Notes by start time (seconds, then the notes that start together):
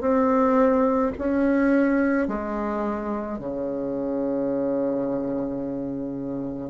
0.00 C4
1.18 C#4
2.27 G#3
3.38 C#3